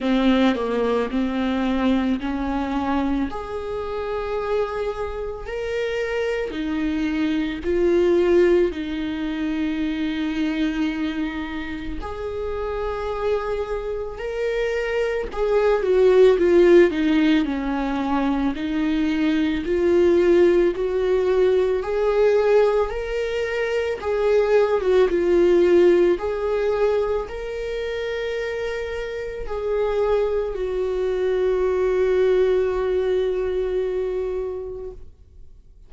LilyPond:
\new Staff \with { instrumentName = "viola" } { \time 4/4 \tempo 4 = 55 c'8 ais8 c'4 cis'4 gis'4~ | gis'4 ais'4 dis'4 f'4 | dis'2. gis'4~ | gis'4 ais'4 gis'8 fis'8 f'8 dis'8 |
cis'4 dis'4 f'4 fis'4 | gis'4 ais'4 gis'8. fis'16 f'4 | gis'4 ais'2 gis'4 | fis'1 | }